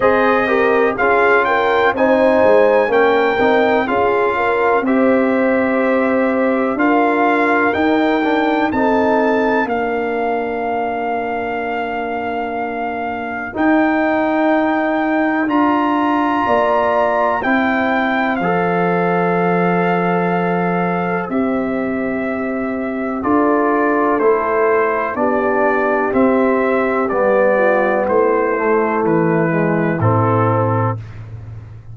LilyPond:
<<
  \new Staff \with { instrumentName = "trumpet" } { \time 4/4 \tempo 4 = 62 dis''4 f''8 g''8 gis''4 g''4 | f''4 e''2 f''4 | g''4 a''4 f''2~ | f''2 g''2 |
ais''2 g''4 f''4~ | f''2 e''2 | d''4 c''4 d''4 e''4 | d''4 c''4 b'4 a'4 | }
  \new Staff \with { instrumentName = "horn" } { \time 4/4 c''8 ais'8 gis'8 ais'8 c''4 ais'4 | gis'8 ais'8 c''2 ais'4~ | ais'4 a'4 ais'2~ | ais'1~ |
ais'4 d''4 c''2~ | c''1 | a'2 g'2~ | g'8 f'8 e'2. | }
  \new Staff \with { instrumentName = "trombone" } { \time 4/4 gis'8 g'8 f'4 dis'4 cis'8 dis'8 | f'4 g'2 f'4 | dis'8 d'8 dis'4 d'2~ | d'2 dis'2 |
f'2 e'4 a'4~ | a'2 g'2 | f'4 e'4 d'4 c'4 | b4. a4 gis8 c'4 | }
  \new Staff \with { instrumentName = "tuba" } { \time 4/4 c'4 cis'4 c'8 gis8 ais8 c'8 | cis'4 c'2 d'4 | dis'4 c'4 ais2~ | ais2 dis'2 |
d'4 ais4 c'4 f4~ | f2 c'2 | d'4 a4 b4 c'4 | g4 a4 e4 a,4 | }
>>